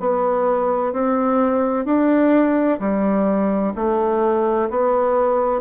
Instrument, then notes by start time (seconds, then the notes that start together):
bassoon
0.00 B3
0.92 C4
1.85 D4
2.79 G3
3.75 A3
4.70 B3